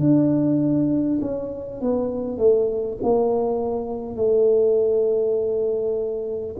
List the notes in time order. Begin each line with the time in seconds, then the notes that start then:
0.00 D4
1.21 C#4
1.81 B3
2.38 A3
3.02 A#3
4.16 A3